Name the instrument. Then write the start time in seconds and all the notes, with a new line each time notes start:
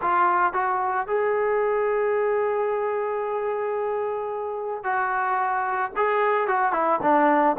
trombone
0.01 F4
0.53 F#4
1.07 G#4
4.83 F#4
5.96 G#4
6.47 F#4
6.72 E4
7.02 D4